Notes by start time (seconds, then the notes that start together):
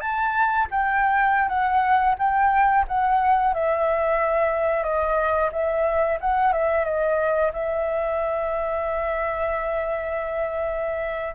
0.00 A5
0.71 G5
1.48 F#5
2.18 G5
2.88 F#5
3.53 E5
4.83 D#5
5.52 E5
6.20 F#5
6.52 E5
6.84 D#5
7.53 E5